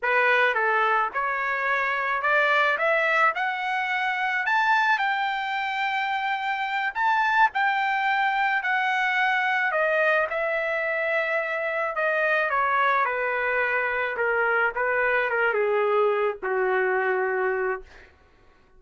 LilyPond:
\new Staff \with { instrumentName = "trumpet" } { \time 4/4 \tempo 4 = 108 b'4 a'4 cis''2 | d''4 e''4 fis''2 | a''4 g''2.~ | g''8 a''4 g''2 fis''8~ |
fis''4. dis''4 e''4.~ | e''4. dis''4 cis''4 b'8~ | b'4. ais'4 b'4 ais'8 | gis'4. fis'2~ fis'8 | }